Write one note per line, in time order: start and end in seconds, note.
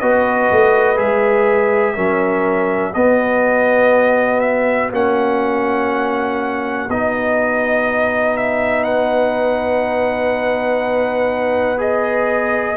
0.00 0.51 B3
0.00 0.96 F#4
0.00 1.95 B4
0.00 0.98 D#5
0.51 0.99 A3
0.96 1.97 G#3
0.96 1.95 G#4
0.96 2.94 E5
1.95 2.95 F#3
1.95 2.94 C#4
1.95 2.93 A#4
2.93 4.91 B3
2.93 4.93 B3
2.93 8.83 F#4
2.93 4.40 D#5
4.40 4.90 E5
4.91 6.88 A#3
4.91 6.89 C#4
4.91 6.90 F#5
6.89 12.77 B3
6.89 11.78 D#4
6.89 8.37 D#5
8.37 8.84 E5
8.83 12.77 B4
8.83 11.79 F#5
11.78 12.76 G#4
11.78 12.77 D#5